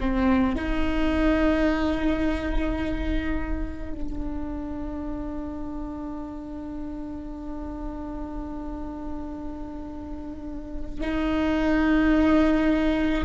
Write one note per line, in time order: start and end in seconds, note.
0.00 0.55 C4
0.55 3.93 D#4
3.93 11.00 D4
11.00 13.25 D#4